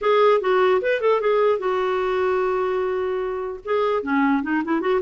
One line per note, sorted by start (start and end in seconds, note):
0.01 0.40 G#4
0.40 0.81 F#4
0.81 1.00 B4
1.00 1.20 A4
1.20 1.58 G#4
1.58 3.60 F#4
3.65 4.02 G#4
4.02 4.42 C#4
4.42 4.63 D#4
4.64 4.80 E4
4.80 5.00 F#4